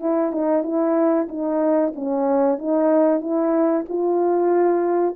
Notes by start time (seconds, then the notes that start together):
0.00 E4
0.32 D#4
0.63 E4
1.28 D#4
1.95 C#4
2.58 D#4
3.21 E4
3.89 F4